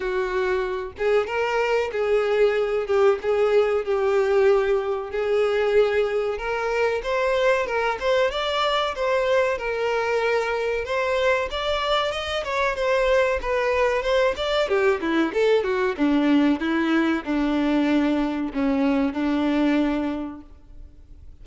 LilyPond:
\new Staff \with { instrumentName = "violin" } { \time 4/4 \tempo 4 = 94 fis'4. gis'8 ais'4 gis'4~ | gis'8 g'8 gis'4 g'2 | gis'2 ais'4 c''4 | ais'8 c''8 d''4 c''4 ais'4~ |
ais'4 c''4 d''4 dis''8 cis''8 | c''4 b'4 c''8 d''8 g'8 e'8 | a'8 fis'8 d'4 e'4 d'4~ | d'4 cis'4 d'2 | }